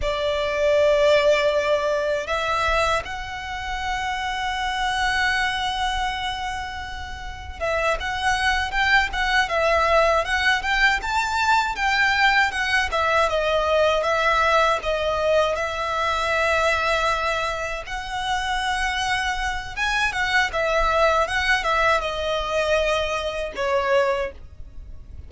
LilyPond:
\new Staff \with { instrumentName = "violin" } { \time 4/4 \tempo 4 = 79 d''2. e''4 | fis''1~ | fis''2 e''8 fis''4 g''8 | fis''8 e''4 fis''8 g''8 a''4 g''8~ |
g''8 fis''8 e''8 dis''4 e''4 dis''8~ | dis''8 e''2. fis''8~ | fis''2 gis''8 fis''8 e''4 | fis''8 e''8 dis''2 cis''4 | }